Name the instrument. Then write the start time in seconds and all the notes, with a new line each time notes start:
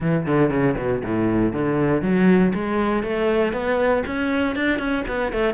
cello
0.00 E3
0.26 D3
0.50 C#3
0.77 B2
1.04 A2
1.52 D3
2.02 F#3
2.54 G#3
3.03 A3
3.52 B3
4.06 C#4
4.55 D4
4.79 C#4
5.07 B3
5.32 A3